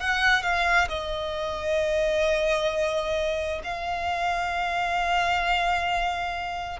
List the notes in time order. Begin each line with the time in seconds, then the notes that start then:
0.00 F#5
0.43 F5
0.88 D#5
3.63 F5